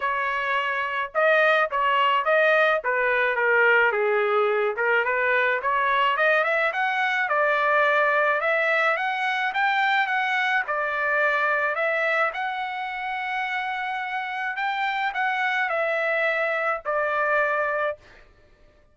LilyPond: \new Staff \with { instrumentName = "trumpet" } { \time 4/4 \tempo 4 = 107 cis''2 dis''4 cis''4 | dis''4 b'4 ais'4 gis'4~ | gis'8 ais'8 b'4 cis''4 dis''8 e''8 | fis''4 d''2 e''4 |
fis''4 g''4 fis''4 d''4~ | d''4 e''4 fis''2~ | fis''2 g''4 fis''4 | e''2 d''2 | }